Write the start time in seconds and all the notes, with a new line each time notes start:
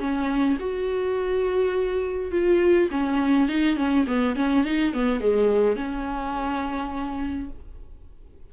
0.00 C#4
0.59 F#4
2.32 F4
2.91 C#4
3.49 D#4
3.77 C#4
4.07 B3
4.36 C#4
4.64 D#4
4.94 B3
5.21 G#3
5.76 C#4